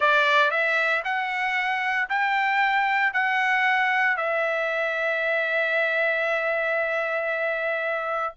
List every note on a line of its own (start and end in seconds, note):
0.00 0.50 D5
0.50 1.02 E5
1.04 2.08 F#5
2.09 3.13 G5
3.13 4.16 F#5
4.16 8.34 E5